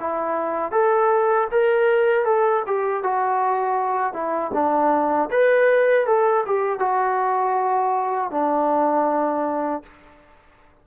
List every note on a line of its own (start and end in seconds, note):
0.00 0.71 E4
0.71 1.47 A4
1.51 2.24 A#4
2.24 2.62 A4
2.66 3.03 G4
3.03 4.13 F#4
4.13 4.51 E4
4.53 5.29 D4
5.31 6.06 B4
6.06 6.44 A4
6.46 6.79 G4
6.79 8.31 F#4
8.31 9.83 D4